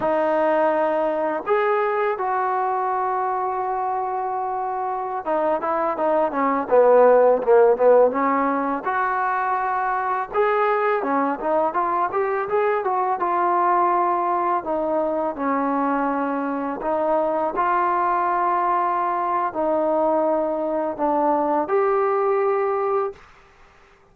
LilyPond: \new Staff \with { instrumentName = "trombone" } { \time 4/4 \tempo 4 = 83 dis'2 gis'4 fis'4~ | fis'2.~ fis'16 dis'8 e'16~ | e'16 dis'8 cis'8 b4 ais8 b8 cis'8.~ | cis'16 fis'2 gis'4 cis'8 dis'16~ |
dis'16 f'8 g'8 gis'8 fis'8 f'4.~ f'16~ | f'16 dis'4 cis'2 dis'8.~ | dis'16 f'2~ f'8. dis'4~ | dis'4 d'4 g'2 | }